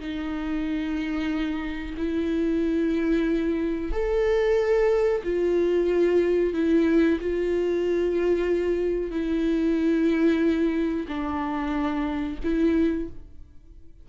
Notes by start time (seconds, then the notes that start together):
0.00 D#4
1.97 E4
3.92 A4
5.24 F4
6.54 E4
7.21 F4
9.11 E4
11.08 D4
12.44 E4